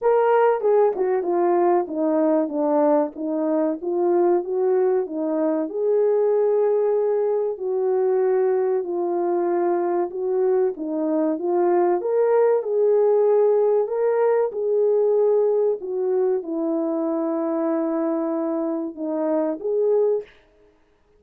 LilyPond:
\new Staff \with { instrumentName = "horn" } { \time 4/4 \tempo 4 = 95 ais'4 gis'8 fis'8 f'4 dis'4 | d'4 dis'4 f'4 fis'4 | dis'4 gis'2. | fis'2 f'2 |
fis'4 dis'4 f'4 ais'4 | gis'2 ais'4 gis'4~ | gis'4 fis'4 e'2~ | e'2 dis'4 gis'4 | }